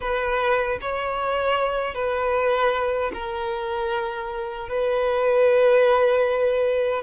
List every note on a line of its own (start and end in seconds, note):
0.00 0.78 B4
0.81 1.94 C#5
1.94 3.11 B4
3.13 4.69 A#4
4.69 7.02 B4